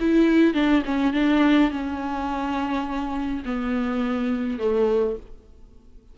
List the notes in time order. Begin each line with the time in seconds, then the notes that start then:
0.00 E4
0.53 D4
0.85 C#4
1.13 D4
1.70 C#4
3.45 B3
4.59 A3